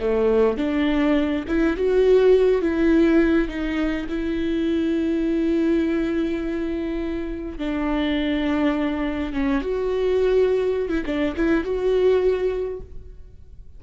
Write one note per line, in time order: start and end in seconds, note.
0.00 0.57 A3
0.57 1.44 D4
1.47 1.76 E4
1.76 2.61 F#4
2.61 3.48 E4
3.48 4.06 D#4
4.09 7.58 E4
7.58 9.33 D4
9.33 9.61 C#4
9.61 10.89 F#4
10.89 11.04 E4
11.06 11.35 D4
11.36 11.64 E4
11.64 12.80 F#4